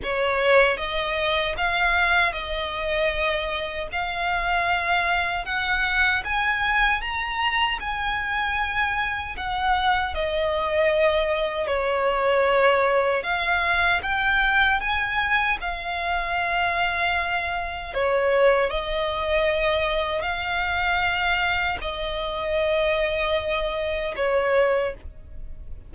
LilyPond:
\new Staff \with { instrumentName = "violin" } { \time 4/4 \tempo 4 = 77 cis''4 dis''4 f''4 dis''4~ | dis''4 f''2 fis''4 | gis''4 ais''4 gis''2 | fis''4 dis''2 cis''4~ |
cis''4 f''4 g''4 gis''4 | f''2. cis''4 | dis''2 f''2 | dis''2. cis''4 | }